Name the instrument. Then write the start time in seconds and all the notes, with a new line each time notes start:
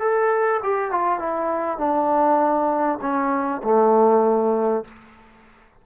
trombone
0.00 A4
0.63 G4
0.91 F4
1.19 E4
1.78 D4
3.01 C#4
3.64 A3